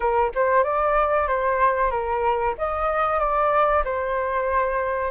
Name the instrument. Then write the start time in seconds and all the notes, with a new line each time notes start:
flute
0.00 A#4
0.35 C5
0.63 D5
1.27 C5
1.90 A#4
2.58 D#5
3.19 D5
3.84 C5